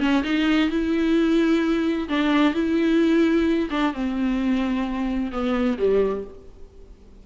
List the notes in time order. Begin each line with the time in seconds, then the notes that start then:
0.00 C#4
0.23 D#4
0.70 E4
2.09 D4
2.54 E4
3.70 D4
3.93 C4
5.32 B3
5.78 G3